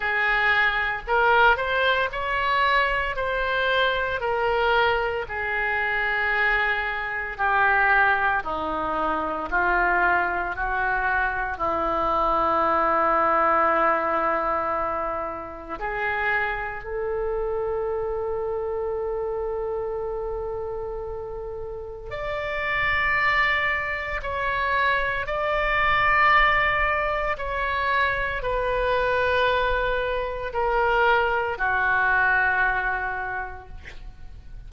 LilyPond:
\new Staff \with { instrumentName = "oboe" } { \time 4/4 \tempo 4 = 57 gis'4 ais'8 c''8 cis''4 c''4 | ais'4 gis'2 g'4 | dis'4 f'4 fis'4 e'4~ | e'2. gis'4 |
a'1~ | a'4 d''2 cis''4 | d''2 cis''4 b'4~ | b'4 ais'4 fis'2 | }